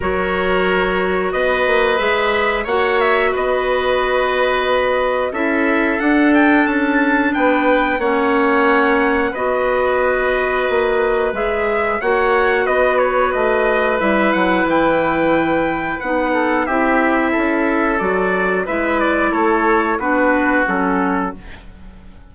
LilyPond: <<
  \new Staff \with { instrumentName = "trumpet" } { \time 4/4 \tempo 4 = 90 cis''2 dis''4 e''4 | fis''8 e''8 dis''2. | e''4 fis''8 g''8 a''4 g''4 | fis''2 dis''2~ |
dis''4 e''4 fis''4 dis''8 cis''8 | dis''4 e''8 fis''8 g''2 | fis''4 e''2 d''4 | e''8 d''8 cis''4 b'4 a'4 | }
  \new Staff \with { instrumentName = "oboe" } { \time 4/4 ais'2 b'2 | cis''4 b'2. | a'2. b'4 | cis''2 b'2~ |
b'2 cis''4 b'4~ | b'1~ | b'8 a'8 g'4 a'2 | b'4 a'4 fis'2 | }
  \new Staff \with { instrumentName = "clarinet" } { \time 4/4 fis'2. gis'4 | fis'1 | e'4 d'2. | cis'2 fis'2~ |
fis'4 gis'4 fis'2~ | fis'4 e'2. | dis'4 e'2 fis'4 | e'2 d'4 cis'4 | }
  \new Staff \with { instrumentName = "bassoon" } { \time 4/4 fis2 b8 ais8 gis4 | ais4 b2. | cis'4 d'4 cis'4 b4 | ais2 b2 |
ais4 gis4 ais4 b4 | a4 g8 fis8 e2 | b4 c'4 cis'4 fis4 | gis4 a4 b4 fis4 | }
>>